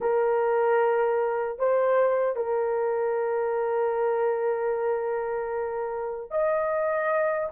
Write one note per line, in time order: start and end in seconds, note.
0.00 1.58 A#4
1.59 2.35 C5
2.35 6.30 A#4
6.30 7.49 D#5